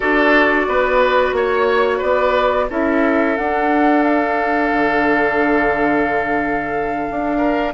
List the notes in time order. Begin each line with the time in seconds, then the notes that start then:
0.00 D4 F#4 A4 D5
0.67 B3 B4
1.32 A#3 C#5
1.97 B3 B4 D5
2.69 C#4 E4 A4 E5
3.36 D4 F#5
4.03 F5
4.72 D3
7.10 D4
7.37 A#4